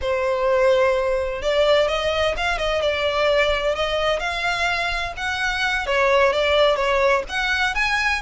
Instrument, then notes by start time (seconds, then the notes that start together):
violin
0.01 C5
1.41 D5
1.88 D#5
2.36 F5
2.58 D#5
2.81 D5
3.75 D#5
4.19 F5
5.16 F#5
5.86 C#5
6.32 D5
6.76 C#5
7.28 F#5
7.74 G#5